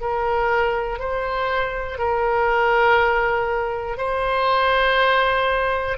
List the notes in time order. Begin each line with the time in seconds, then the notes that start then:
0.00 A#4
0.99 C5
1.98 A#4
3.97 C5